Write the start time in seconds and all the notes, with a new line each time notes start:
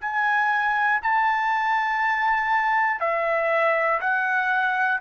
0.00 G#5
1.02 A5
3.00 E5
4.00 F#5